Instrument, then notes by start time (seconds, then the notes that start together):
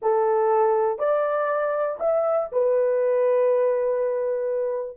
horn
0.02 A4
0.98 D5
1.99 E5
2.52 B4